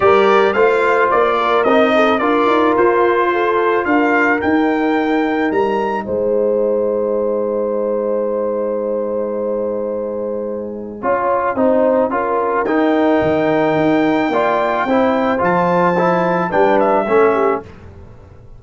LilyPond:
<<
  \new Staff \with { instrumentName = "trumpet" } { \time 4/4 \tempo 4 = 109 d''4 f''4 d''4 dis''4 | d''4 c''2 f''4 | g''2 ais''4 gis''4~ | gis''1~ |
gis''1~ | gis''2. g''4~ | g''1 | a''2 g''8 e''4. | }
  \new Staff \with { instrumentName = "horn" } { \time 4/4 ais'4 c''4. ais'4 a'8 | ais'2 a'4 ais'4~ | ais'2. c''4~ | c''1~ |
c''1 | cis''4 c''4 ais'2~ | ais'2 d''4 c''4~ | c''2 b'4 a'8 g'8 | }
  \new Staff \with { instrumentName = "trombone" } { \time 4/4 g'4 f'2 dis'4 | f'1 | dis'1~ | dis'1~ |
dis'1 | f'4 dis'4 f'4 dis'4~ | dis'2 f'4 e'4 | f'4 e'4 d'4 cis'4 | }
  \new Staff \with { instrumentName = "tuba" } { \time 4/4 g4 a4 ais4 c'4 | d'8 dis'8 f'2 d'4 | dis'2 g4 gis4~ | gis1~ |
gis1 | cis'4 c'4 cis'4 dis'4 | dis4 dis'4 ais4 c'4 | f2 g4 a4 | }
>>